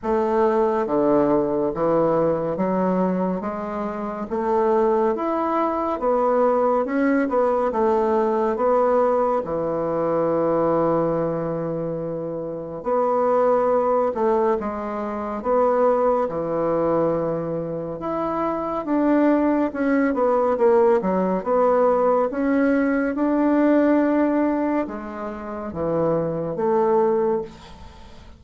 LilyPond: \new Staff \with { instrumentName = "bassoon" } { \time 4/4 \tempo 4 = 70 a4 d4 e4 fis4 | gis4 a4 e'4 b4 | cis'8 b8 a4 b4 e4~ | e2. b4~ |
b8 a8 gis4 b4 e4~ | e4 e'4 d'4 cis'8 b8 | ais8 fis8 b4 cis'4 d'4~ | d'4 gis4 e4 a4 | }